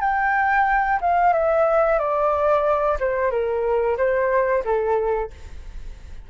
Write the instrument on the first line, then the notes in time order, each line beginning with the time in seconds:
flute
0.00 G5
1.00 F5
1.32 E5
1.98 D5
2.99 C5
3.31 A#4
3.97 C5
4.64 A4